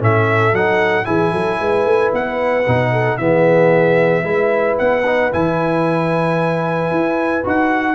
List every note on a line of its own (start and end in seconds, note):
0.00 0.53 A2
0.00 0.53 C#4
0.00 1.06 A4
0.00 0.55 E5
0.53 1.06 F#3
0.53 1.05 D#4
0.53 1.05 F#5
1.05 1.33 E3
1.05 2.64 E4
1.05 1.32 G#4
1.05 2.11 G#5
1.32 1.60 F#3
1.32 1.59 A4
1.60 1.85 G#3
1.60 2.92 B4
1.85 2.12 A3
2.13 2.66 B3
2.13 3.18 F#5
2.67 3.19 B2
2.67 3.20 D#4
2.92 3.19 A4
3.18 4.23 E3
3.18 4.24 B3
3.18 4.25 G#4
3.18 4.77 E5
4.23 4.77 G#3
4.23 5.04 E4
4.23 7.95 B4
4.78 5.33 B3
4.78 5.32 F#5
5.06 5.32 D#4
5.32 6.91 E3
5.32 7.44 E4
5.32 7.46 G#5
6.91 7.44 E4
7.44 7.95 D#4
7.44 7.95 F#4
7.44 7.95 F#5